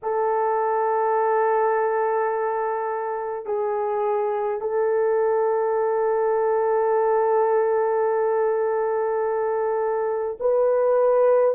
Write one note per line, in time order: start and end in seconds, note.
0.02 3.45 A4
3.45 4.60 G#4
4.60 10.37 A4
10.40 11.55 B4